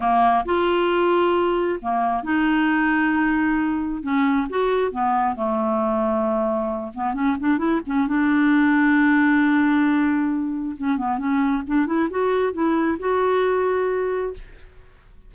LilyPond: \new Staff \with { instrumentName = "clarinet" } { \time 4/4 \tempo 4 = 134 ais4 f'2. | ais4 dis'2.~ | dis'4 cis'4 fis'4 b4 | a2.~ a8 b8 |
cis'8 d'8 e'8 cis'8 d'2~ | d'1 | cis'8 b8 cis'4 d'8 e'8 fis'4 | e'4 fis'2. | }